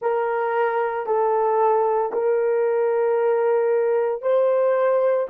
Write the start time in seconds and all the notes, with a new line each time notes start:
0.01 A#4
1.06 A4
2.12 A#4
4.22 C5